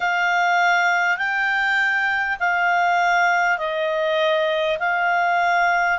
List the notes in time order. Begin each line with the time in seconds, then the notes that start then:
0.00 F5
1.17 G5
2.39 F5
3.58 D#5
4.79 F5